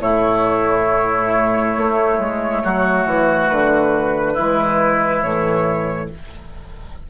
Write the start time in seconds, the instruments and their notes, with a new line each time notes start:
0.00 bassoon A2, clarinet A3, oboe E4, flute C#5
1.77 bassoon A3
2.18 bassoon G#3
2.63 bassoon F#3, oboe F#4
3.05 bassoon E3
3.48 bassoon D3, flute B4
4.33 bassoon E3, clarinet G#3, oboe E4
5.22 bassoon A2, clarinet E3, flute C#5